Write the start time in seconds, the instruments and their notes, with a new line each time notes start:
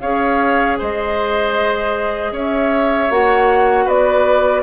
0.00 bassoon C#4, clarinet G#4, oboe C#5, flute F5
0.78 bassoon G#3, oboe C5, flute D#5
2.32 bassoon C#4, oboe C#5, flute E5
3.10 bassoon A#3, clarinet F#4, flute F#5
3.85 bassoon B3, oboe B4, flute D5